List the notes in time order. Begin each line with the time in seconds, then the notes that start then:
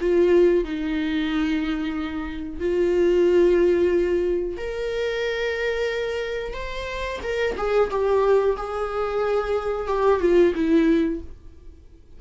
0.00 F4
0.64 D#4
2.59 F4
4.57 A#4
6.53 C5
7.22 A#4
7.57 G#4
7.90 G4
8.56 G#4
9.87 G4
10.20 F4
10.54 E4